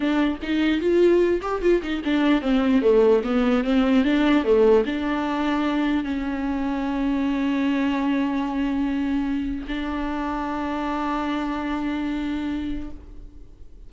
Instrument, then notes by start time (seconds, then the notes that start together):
viola
0.00 D4
0.42 D#4
0.80 F4
1.41 G4
1.61 F4
1.82 D#4
2.04 D4
2.41 C4
2.82 A3
3.23 B3
3.64 C4
4.04 D4
4.44 A3
4.85 D4
6.04 C#4
9.67 D4